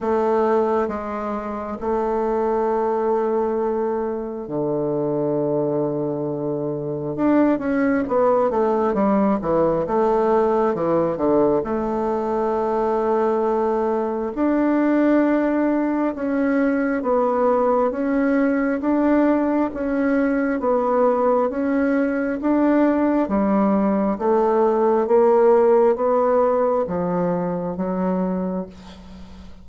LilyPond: \new Staff \with { instrumentName = "bassoon" } { \time 4/4 \tempo 4 = 67 a4 gis4 a2~ | a4 d2. | d'8 cis'8 b8 a8 g8 e8 a4 | e8 d8 a2. |
d'2 cis'4 b4 | cis'4 d'4 cis'4 b4 | cis'4 d'4 g4 a4 | ais4 b4 f4 fis4 | }